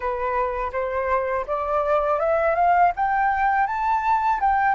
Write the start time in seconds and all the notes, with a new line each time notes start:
0.00 B4
0.72 C5
1.46 D5
2.19 E5
2.55 F5
2.96 G5
3.66 A5
4.40 G5